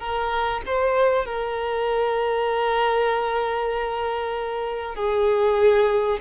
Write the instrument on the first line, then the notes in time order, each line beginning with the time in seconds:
violin
0.00 A#4
0.67 C5
1.26 A#4
4.96 G#4